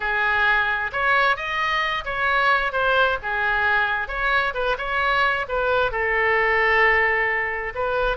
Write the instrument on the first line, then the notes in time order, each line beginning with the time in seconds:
oboe
0.00 G#4
0.92 C#5
1.36 D#5
2.04 C#5
2.72 C5
3.22 G#4
4.08 C#5
4.54 B4
4.77 C#5
5.48 B4
5.91 A4
7.74 B4